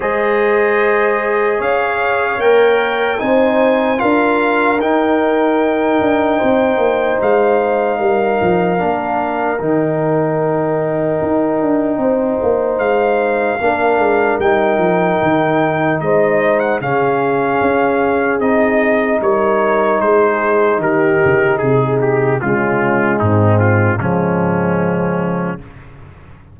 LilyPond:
<<
  \new Staff \with { instrumentName = "trumpet" } { \time 4/4 \tempo 4 = 75 dis''2 f''4 g''4 | gis''4 f''4 g''2~ | g''4 f''2. | g''1 |
f''2 g''2 | dis''8. fis''16 f''2 dis''4 | cis''4 c''4 ais'4 gis'8 g'8 | f'4 dis'8 f'8 cis'2 | }
  \new Staff \with { instrumentName = "horn" } { \time 4/4 c''2 cis''2 | c''4 ais'2. | c''2 ais'2~ | ais'2. c''4~ |
c''4 ais'2. | c''4 gis'2. | ais'4 gis'4 g'4 gis'4 | cis'4 c'4 gis2 | }
  \new Staff \with { instrumentName = "trombone" } { \time 4/4 gis'2. ais'4 | dis'4 f'4 dis'2~ | dis'2. d'4 | dis'1~ |
dis'4 d'4 dis'2~ | dis'4 cis'2 dis'4~ | dis'1 | gis2 f2 | }
  \new Staff \with { instrumentName = "tuba" } { \time 4/4 gis2 cis'4 ais4 | c'4 d'4 dis'4. d'8 | c'8 ais8 gis4 g8 f8 ais4 | dis2 dis'8 d'8 c'8 ais8 |
gis4 ais8 gis8 g8 f8 dis4 | gis4 cis4 cis'4 c'4 | g4 gis4 dis8 cis8 c4 | cis4 gis,4 cis2 | }
>>